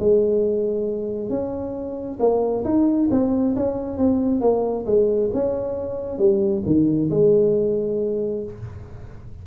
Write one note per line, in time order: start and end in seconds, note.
0.00 1.30 G#3
1.30 2.19 C#4
2.20 2.64 A#3
2.65 3.09 D#4
3.11 3.56 C4
3.56 3.98 C#4
3.98 4.41 C4
4.41 4.85 A#3
4.86 5.31 G#3
5.34 6.19 C#4
6.19 6.63 G3
6.66 7.11 D#3
7.11 8.44 G#3